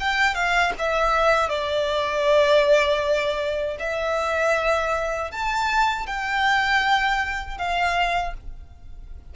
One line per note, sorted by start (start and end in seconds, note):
0.00 0.35 G5
0.35 0.72 F5
0.79 1.49 E5
1.49 3.77 D5
3.79 5.31 E5
5.31 6.07 A5
6.07 7.58 G5
7.58 8.34 F5